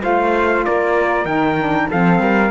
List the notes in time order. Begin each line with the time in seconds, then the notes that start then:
0.00 A3 F4 C5 F5
0.65 A#3 A#4 D5
1.25 D#3 D#4 G5
1.59 D4
1.90 F3 C4 A4 F5
2.19 G3 A#4